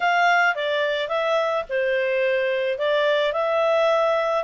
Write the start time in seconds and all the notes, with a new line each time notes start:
0.00 F5
0.55 D5
1.08 E5
1.69 C5
2.78 D5
3.32 E5